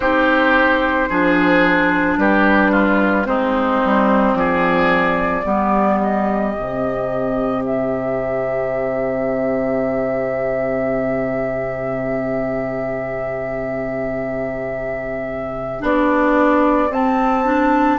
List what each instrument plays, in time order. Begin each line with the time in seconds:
0.00 bassoon C4, clarinet D#4, oboe G4, flute C5
1.09 bassoon F3, clarinet D4, oboe G#4
2.17 bassoon G3, oboe G4, flute B4
2.71 oboe F4
3.24 bassoon G#3, clarinet C4, oboe D#4, flute C5
3.85 bassoon G3
4.33 bassoon F3, oboe G#4, flute D5
5.45 bassoon G3, clarinet B3, oboe G4
6.00 flute D#5
6.54 bassoon C3, clarinet C4
7.65 flute E5
15.79 bassoon B3, clarinet D4, flute D5
16.89 bassoon C4, clarinet C4, flute A5
17.44 clarinet D4